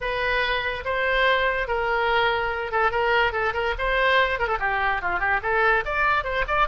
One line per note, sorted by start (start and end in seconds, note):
0.00 0.84 B4
0.84 1.67 C5
1.67 2.71 A#4
2.71 2.91 A4
2.91 3.32 A#4
3.32 3.53 A4
3.53 3.74 A#4
3.78 4.39 C5
4.39 4.47 A#4
4.47 4.58 A4
4.59 5.01 G4
5.01 5.19 F4
5.19 5.40 G4
5.42 5.84 A4
5.85 6.24 D5
6.24 6.45 C5
6.47 6.68 D5